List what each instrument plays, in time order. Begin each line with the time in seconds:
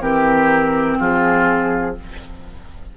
0.00 bassoon E3, clarinet C4, oboe G4, flute A#4
0.99 bassoon F3, oboe F4, flute G#4